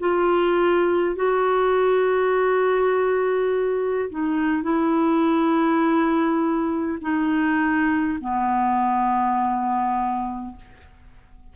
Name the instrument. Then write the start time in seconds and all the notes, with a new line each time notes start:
clarinet
0.00 F4
1.16 F#4
4.11 D#4
4.64 E4
7.02 D#4
8.21 B3